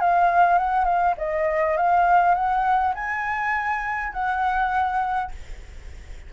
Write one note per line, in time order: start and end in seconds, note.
0.00 0.58 F5
0.58 0.85 F#5
0.85 1.14 F5
1.17 1.77 D#5
1.77 2.34 F5
2.34 2.94 F#5
2.95 4.13 G#5
4.13 5.31 F#5